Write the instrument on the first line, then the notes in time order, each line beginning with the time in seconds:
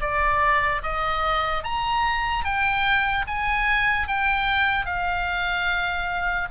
oboe
0.00 D5
0.82 D#5
1.63 A#5
2.44 G5
3.27 G#5
4.07 G5
4.85 F5